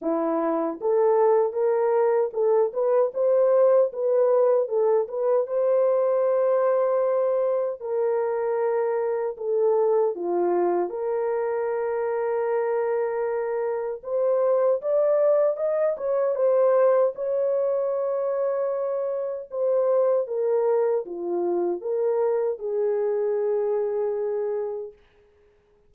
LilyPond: \new Staff \with { instrumentName = "horn" } { \time 4/4 \tempo 4 = 77 e'4 a'4 ais'4 a'8 b'8 | c''4 b'4 a'8 b'8 c''4~ | c''2 ais'2 | a'4 f'4 ais'2~ |
ais'2 c''4 d''4 | dis''8 cis''8 c''4 cis''2~ | cis''4 c''4 ais'4 f'4 | ais'4 gis'2. | }